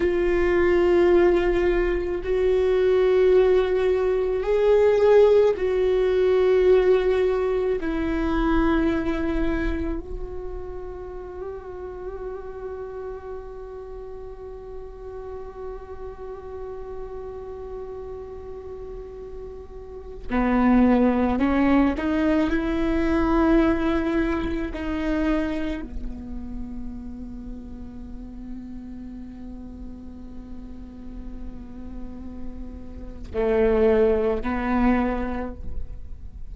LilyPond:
\new Staff \with { instrumentName = "viola" } { \time 4/4 \tempo 4 = 54 f'2 fis'2 | gis'4 fis'2 e'4~ | e'4 fis'2.~ | fis'1~ |
fis'2~ fis'16 b4 cis'8 dis'16~ | dis'16 e'2 dis'4 b8.~ | b1~ | b2 a4 b4 | }